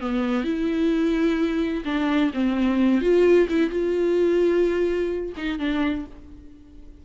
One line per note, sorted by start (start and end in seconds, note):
0.00 0.44 B3
0.44 1.83 E4
1.85 2.31 D4
2.33 3.01 C4
3.01 3.47 F4
3.49 3.70 E4
3.70 5.32 F4
5.37 5.59 D#4
5.59 6.05 D4